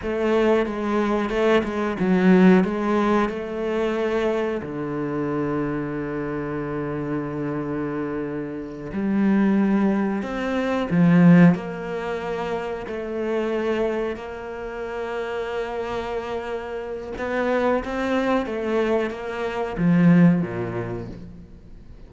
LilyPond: \new Staff \with { instrumentName = "cello" } { \time 4/4 \tempo 4 = 91 a4 gis4 a8 gis8 fis4 | gis4 a2 d4~ | d1~ | d4. g2 c'8~ |
c'8 f4 ais2 a8~ | a4. ais2~ ais8~ | ais2 b4 c'4 | a4 ais4 f4 ais,4 | }